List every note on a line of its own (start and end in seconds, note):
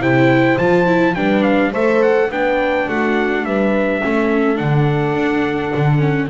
0.00 0.57 C3
0.00 0.58 E4
0.00 1.16 C5
0.00 0.58 G5
0.58 1.16 F3
0.58 0.86 F4
0.58 1.15 A5
0.86 1.15 E4
1.15 1.73 G3
1.15 1.73 D4
1.15 1.71 B4
1.15 1.43 G5
1.43 1.72 F5
1.71 2.30 A3
1.71 2.31 A4
1.71 2.28 C5
1.71 2.03 E5
2.03 2.31 F#5
2.30 2.87 B3
2.30 4.02 D4
2.30 2.89 B4
2.30 2.89 G5
2.88 3.45 A3
2.88 3.46 F#4
2.88 3.45 F#5
3.45 4.02 G3
3.45 4.03 B4
3.45 4.58 E5
4.02 4.60 A3
4.02 4.56 C#4
4.02 6.30 A4
4.56 5.15 D3
4.56 5.99 D4
4.56 6.29 F#5
5.15 5.72 D4
5.75 6.30 D3
5.99 6.27 C#4